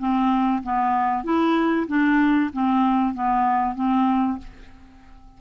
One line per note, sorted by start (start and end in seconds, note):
0.00 0.63 C4
0.63 1.24 B3
1.24 1.87 E4
1.88 2.51 D4
2.53 3.15 C4
3.15 3.76 B3
3.76 4.39 C4